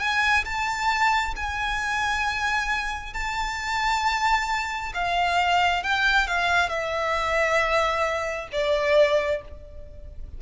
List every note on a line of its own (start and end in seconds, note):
0.00 0.45 G#5
0.45 1.35 A5
1.36 3.14 G#5
3.14 4.93 A5
4.94 5.83 F5
5.83 6.28 G5
6.28 6.70 F5
6.70 8.49 E5
8.52 9.42 D5